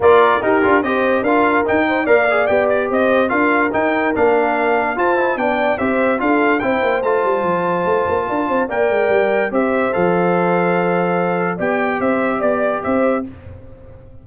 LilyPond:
<<
  \new Staff \with { instrumentName = "trumpet" } { \time 4/4 \tempo 4 = 145 d''4 ais'4 dis''4 f''4 | g''4 f''4 g''8 d''8 dis''4 | f''4 g''4 f''2 | a''4 g''4 e''4 f''4 |
g''4 a''2.~ | a''4 g''2 e''4 | f''1 | g''4 e''4 d''4 e''4 | }
  \new Staff \with { instrumentName = "horn" } { \time 4/4 ais'4 g'4 c''4 ais'4~ | ais'8 c''8 d''2 c''4 | ais'1 | c''4 d''4 c''4 a'4 |
c''1 | ais'8 c''8 d''2 c''4~ | c''1 | d''4 c''4 d''4 c''4 | }
  \new Staff \with { instrumentName = "trombone" } { \time 4/4 f'4 dis'8 f'8 g'4 f'4 | dis'4 ais'8 gis'8 g'2 | f'4 dis'4 d'2 | f'8 e'8 d'4 g'4 f'4 |
e'4 f'2.~ | f'4 ais'2 g'4 | a'1 | g'1 | }
  \new Staff \with { instrumentName = "tuba" } { \time 4/4 ais4 dis'8 d'8 c'4 d'4 | dis'4 ais4 b4 c'4 | d'4 dis'4 ais2 | f'4 b4 c'4 d'4 |
c'8 ais8 a8 g8 f4 a8 ais8 | d'8 c'8 ais8 gis8 g4 c'4 | f1 | b4 c'4 b4 c'4 | }
>>